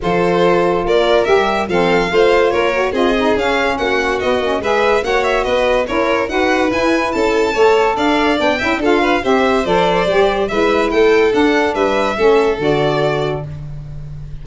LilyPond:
<<
  \new Staff \with { instrumentName = "violin" } { \time 4/4 \tempo 4 = 143 c''2 d''4 e''4 | f''2 cis''4 dis''4 | f''4 fis''4 dis''4 e''4 | fis''8 e''8 dis''4 cis''4 fis''4 |
gis''4 a''2 f''4 | g''4 f''4 e''4 d''4~ | d''4 e''4 g''4 fis''4 | e''2 d''2 | }
  \new Staff \with { instrumentName = "violin" } { \time 4/4 a'2 ais'2 | a'4 c''4 ais'4 gis'4~ | gis'4 fis'2 b'4 | cis''4 b'4 ais'4 b'4~ |
b'4 a'4 cis''4 d''4~ | d''8 e''8 a'8 b'8 c''2~ | c''4 b'4 a'2 | b'4 a'2. | }
  \new Staff \with { instrumentName = "saxophone" } { \time 4/4 f'2. g'4 | c'4 f'4. fis'8 f'8 dis'8 | cis'2 b8 cis'8 gis'4 | fis'2 e'4 fis'4 |
e'2 a'2 | d'8 e'8 f'4 g'4 a'4 | g'4 e'2 d'4~ | d'4 cis'4 fis'2 | }
  \new Staff \with { instrumentName = "tuba" } { \time 4/4 f2 ais4 g4 | f4 a4 ais4 c'4 | cis'4 ais4 b8 ais8 gis4 | ais4 b4 cis'4 dis'4 |
e'4 cis'4 a4 d'4 | b8 cis'8 d'4 c'4 f4 | g4 gis4 a4 d'4 | g4 a4 d2 | }
>>